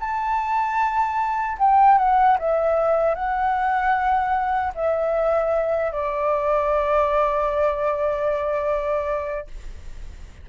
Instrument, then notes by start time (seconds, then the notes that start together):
flute
0.00 A5
1.59 G5
1.98 F#5
2.39 E5
3.15 F#5
4.75 E5
5.92 D5